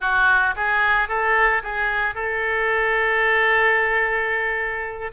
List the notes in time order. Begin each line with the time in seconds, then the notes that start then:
0.00 F#4
0.56 G#4
1.08 A4
1.63 G#4
2.14 A4